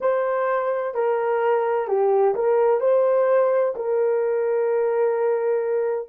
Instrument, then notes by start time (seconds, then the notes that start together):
horn
0.00 C5
0.94 A#4
1.87 G4
2.34 A#4
2.80 C5
3.75 A#4